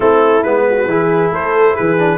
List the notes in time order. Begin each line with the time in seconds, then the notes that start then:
0.00 A3 C4 E4 A4
0.43 G#3 B3 B4
0.70 F#4
0.86 E3 E4 G#4
1.30 A3 A4 C5
1.75 E3 G#4 B4
1.98 D4